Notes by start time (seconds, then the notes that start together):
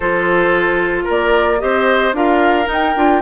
0.00 F3 F4 A4 C5
1.04 A#3 A#4
1.10 D5
1.59 C4 G4 C5 D#5
2.12 D4 F4 A#4 F5
2.65 D#4
2.73 G5
2.95 D4 F4